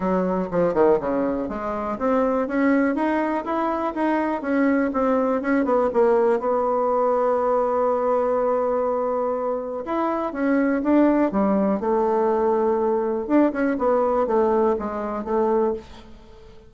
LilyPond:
\new Staff \with { instrumentName = "bassoon" } { \time 4/4 \tempo 4 = 122 fis4 f8 dis8 cis4 gis4 | c'4 cis'4 dis'4 e'4 | dis'4 cis'4 c'4 cis'8 b8 | ais4 b2.~ |
b1 | e'4 cis'4 d'4 g4 | a2. d'8 cis'8 | b4 a4 gis4 a4 | }